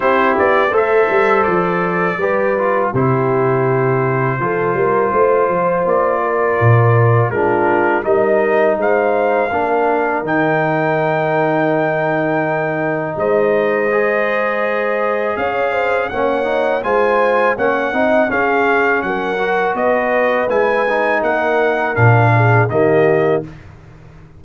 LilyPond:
<<
  \new Staff \with { instrumentName = "trumpet" } { \time 4/4 \tempo 4 = 82 c''8 d''8 e''4 d''2 | c''1 | d''2 ais'4 dis''4 | f''2 g''2~ |
g''2 dis''2~ | dis''4 f''4 fis''4 gis''4 | fis''4 f''4 fis''4 dis''4 | gis''4 fis''4 f''4 dis''4 | }
  \new Staff \with { instrumentName = "horn" } { \time 4/4 g'4 c''2 b'4 | g'2 a'8 ais'8 c''4~ | c''8 ais'4. f'4 ais'4 | c''4 ais'2.~ |
ais'2 c''2~ | c''4 cis''8 c''8 cis''4 c''4 | cis''8 dis''8 gis'4 ais'4 b'4~ | b'4 ais'4. gis'8 g'4 | }
  \new Staff \with { instrumentName = "trombone" } { \time 4/4 e'4 a'2 g'8 f'8 | e'2 f'2~ | f'2 d'4 dis'4~ | dis'4 d'4 dis'2~ |
dis'2. gis'4~ | gis'2 cis'8 dis'8 f'4 | cis'8 dis'8 cis'4. fis'4. | e'8 dis'4. d'4 ais4 | }
  \new Staff \with { instrumentName = "tuba" } { \time 4/4 c'8 b8 a8 g8 f4 g4 | c2 f8 g8 a8 f8 | ais4 ais,4 gis4 g4 | gis4 ais4 dis2~ |
dis2 gis2~ | gis4 cis'4 ais4 gis4 | ais8 c'8 cis'4 fis4 b4 | gis4 ais4 ais,4 dis4 | }
>>